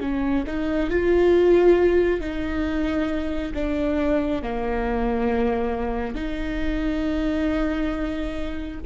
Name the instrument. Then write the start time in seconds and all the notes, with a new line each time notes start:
viola
0.00 C#4
0.46 D#4
0.90 F4
2.21 D#4
3.54 D4
4.42 A#3
6.14 D#4